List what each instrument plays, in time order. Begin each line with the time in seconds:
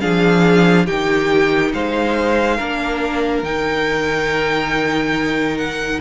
0.00 cello F3, viola D4, violin G#4 F5
0.86 cello D#3, viola D#4, violin G4 G5
1.73 cello G#3, violin C5 F5
2.56 cello A#3, viola D4, violin A#4
3.42 cello D#3, viola D#4, violin G5
5.57 violin F#5